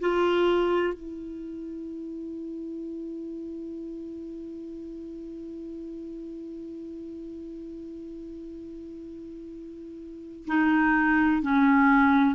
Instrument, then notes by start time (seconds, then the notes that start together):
clarinet
0.00 F4
0.94 E4
10.47 D#4
11.42 C#4